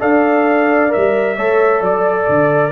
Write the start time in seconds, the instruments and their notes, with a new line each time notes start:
0.00 tuba D4, trombone A4, horn D5, trumpet F5
0.89 trombone A#4, trumpet E5
0.96 tuba G3
1.37 tuba A3, trombone A4, horn C#5
1.80 tuba F#3, horn D5, trumpet D5
2.29 tuba D3